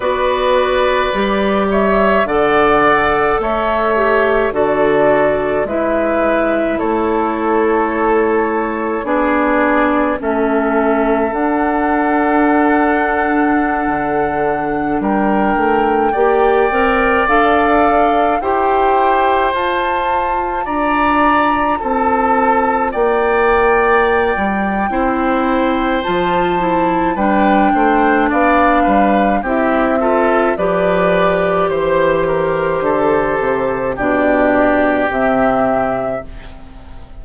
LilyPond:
<<
  \new Staff \with { instrumentName = "flute" } { \time 4/4 \tempo 4 = 53 d''4. e''8 fis''4 e''4 | d''4 e''4 cis''2 | d''4 e''4 fis''2~ | fis''4~ fis''16 g''2 f''8.~ |
f''16 g''4 a''4 ais''4 a''8.~ | a''16 g''2~ g''8. a''4 | g''4 f''4 e''4 d''4 | c''2 d''4 e''4 | }
  \new Staff \with { instrumentName = "oboe" } { \time 4/4 b'4. cis''8 d''4 cis''4 | a'4 b'4 a'2 | gis'4 a'2.~ | a'4~ a'16 ais'4 d''4.~ d''16~ |
d''16 c''2 d''4 a'8.~ | a'16 d''4.~ d''16 c''2 | b'8 c''8 d''8 b'8 g'8 a'8 b'4 | c''8 ais'8 a'4 g'2 | }
  \new Staff \with { instrumentName = "clarinet" } { \time 4/4 fis'4 g'4 a'4. g'8 | fis'4 e'2. | d'4 cis'4 d'2~ | d'2~ d'16 g'8 ais'8 a'8.~ |
a'16 g'4 f'2~ f'8.~ | f'2 e'4 f'8 e'8 | d'2 e'8 f'8 g'4~ | g'2 d'4 c'4 | }
  \new Staff \with { instrumentName = "bassoon" } { \time 4/4 b4 g4 d4 a4 | d4 gis4 a2 | b4 a4 d'2~ | d'16 d4 g8 a8 ais8 c'8 d'8.~ |
d'16 e'4 f'4 d'4 c'8.~ | c'16 ais4~ ais16 g8 c'4 f4 | g8 a8 b8 g8 c'4 f4 | e4 d8 c8 b,4 c4 | }
>>